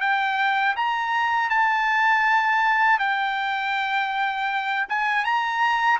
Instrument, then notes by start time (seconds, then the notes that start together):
trumpet
0.00 G5
0.76 A#5
1.49 A5
2.99 G5
4.89 G#5
5.24 A#5